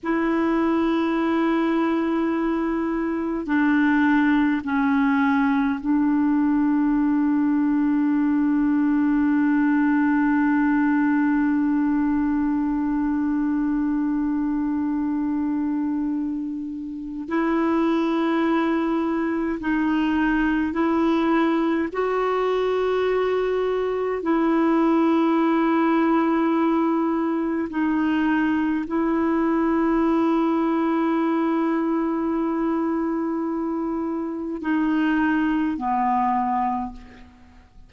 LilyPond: \new Staff \with { instrumentName = "clarinet" } { \time 4/4 \tempo 4 = 52 e'2. d'4 | cis'4 d'2.~ | d'1~ | d'2. e'4~ |
e'4 dis'4 e'4 fis'4~ | fis'4 e'2. | dis'4 e'2.~ | e'2 dis'4 b4 | }